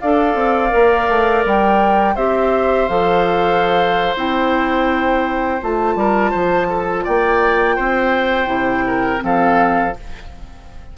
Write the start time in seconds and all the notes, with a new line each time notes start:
0.00 D4 A4 D5 F5
0.35 C4
0.69 A#3 A#4
1.09 A3
1.45 G3 G5
2.15 C4 G4 C5 E5
2.88 F3 A4 F5
4.16 C4 E4 G5
5.60 A3 F4 A5
5.96 G3 A#4
6.31 F3 C5
6.69 A4
7.04 A#3 D5 G5
7.76 C4 C5
8.47 C3 E4
8.87 A#4
9.19 F3 C4 F5
9.25 A4